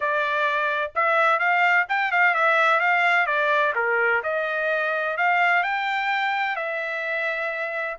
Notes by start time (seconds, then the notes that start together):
0.00 D5
0.95 E5
1.39 F5
1.88 G5
2.11 F5
2.34 E5
2.80 F5
3.26 D5
3.75 A#4
4.23 D#5
5.17 F5
5.63 G5
6.56 E5